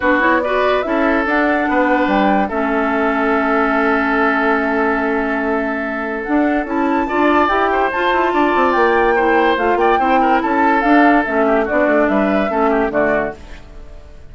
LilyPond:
<<
  \new Staff \with { instrumentName = "flute" } { \time 4/4 \tempo 4 = 144 b'8 cis''8 d''4 e''4 fis''4~ | fis''4 g''4 e''2~ | e''1~ | e''2. fis''4 |
a''2 g''4 a''4~ | a''4 g''2 f''8 g''8~ | g''4 a''4 f''4 e''4 | d''4 e''2 d''4 | }
  \new Staff \with { instrumentName = "oboe" } { \time 4/4 fis'4 b'4 a'2 | b'2 a'2~ | a'1~ | a'1~ |
a'4 d''4. c''4. | d''2 c''4. d''8 | c''8 ais'8 a'2~ a'8 g'8 | fis'4 b'4 a'8 g'8 fis'4 | }
  \new Staff \with { instrumentName = "clarinet" } { \time 4/4 d'8 e'8 fis'4 e'4 d'4~ | d'2 cis'2~ | cis'1~ | cis'2. d'4 |
e'4 f'4 g'4 f'4~ | f'2 e'4 f'4 | e'2 d'4 cis'4 | d'2 cis'4 a4 | }
  \new Staff \with { instrumentName = "bassoon" } { \time 4/4 b2 cis'4 d'4 | b4 g4 a2~ | a1~ | a2. d'4 |
cis'4 d'4 e'4 f'8 e'8 | d'8 c'8 ais2 a8 ais8 | c'4 cis'4 d'4 a4 | b8 a8 g4 a4 d4 | }
>>